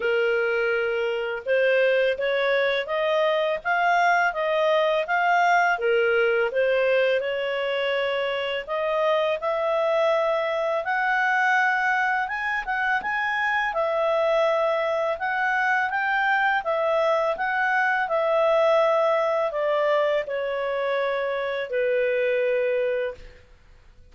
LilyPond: \new Staff \with { instrumentName = "clarinet" } { \time 4/4 \tempo 4 = 83 ais'2 c''4 cis''4 | dis''4 f''4 dis''4 f''4 | ais'4 c''4 cis''2 | dis''4 e''2 fis''4~ |
fis''4 gis''8 fis''8 gis''4 e''4~ | e''4 fis''4 g''4 e''4 | fis''4 e''2 d''4 | cis''2 b'2 | }